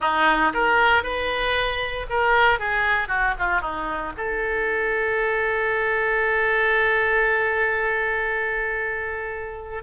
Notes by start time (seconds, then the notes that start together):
0.00 D#4
0.53 A#4
1.03 B4
2.09 A#4
2.59 G#4
3.08 F#4
3.38 F4
3.61 D#4
4.17 A4